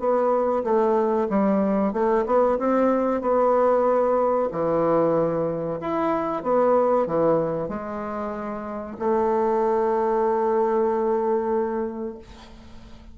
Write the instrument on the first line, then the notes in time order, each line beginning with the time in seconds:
bassoon
0.00 B3
0.64 A3
1.30 G3
1.94 A3
2.27 B3
2.59 C4
3.22 B3
4.52 E3
5.81 E4
6.44 B3
7.07 E3
7.69 G#3
8.99 A3